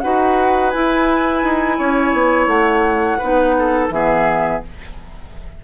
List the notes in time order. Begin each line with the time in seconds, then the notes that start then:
0.00 D#4 F#4 B4 F#5
0.70 E4 G#5
1.43 D#4
1.77 C#4 C#5
2.13 B3
2.46 A3 F#5
3.18 B3 D#4 B4
3.59 A4
3.89 E3 B3 G#4 E5